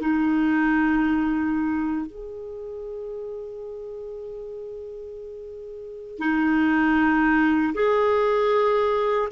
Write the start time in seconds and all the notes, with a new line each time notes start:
0.00 D#4
2.06 G#4
6.18 D#4
7.74 G#4